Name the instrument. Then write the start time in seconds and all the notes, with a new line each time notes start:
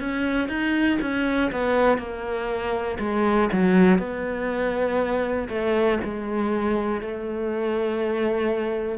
cello
0.00 C#4
0.49 D#4
1.01 C#4
1.52 B3
1.98 A#3
2.99 G#3
3.53 F#3
3.99 B3
5.49 A3
6.04 G#3
7.01 A3